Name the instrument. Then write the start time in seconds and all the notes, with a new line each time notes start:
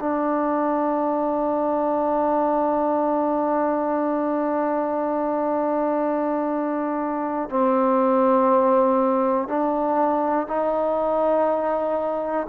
trombone
0.00 D4
7.50 C4
9.49 D4
10.47 D#4